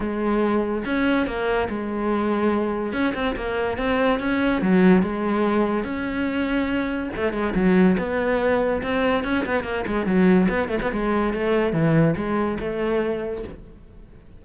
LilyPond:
\new Staff \with { instrumentName = "cello" } { \time 4/4 \tempo 4 = 143 gis2 cis'4 ais4 | gis2. cis'8 c'8 | ais4 c'4 cis'4 fis4 | gis2 cis'2~ |
cis'4 a8 gis8 fis4 b4~ | b4 c'4 cis'8 b8 ais8 gis8 | fis4 b8 a16 b16 gis4 a4 | e4 gis4 a2 | }